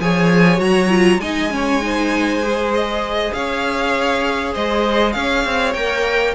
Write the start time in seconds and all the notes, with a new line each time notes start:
0.00 F3 G#4 C#5 G#5
0.57 F#3 F#4 A#5
0.89 F4
1.18 G#3 D#4 D#5 G#5
1.50 C#4 C#5
1.81 D#4 C5
2.42 G#4
2.74 D#5
3.33 C#4 C#5 F5
4.53 G#3 C5 D#5
5.12 C#4 C#5 F5
5.44 C4
5.74 A#3 A#4 G5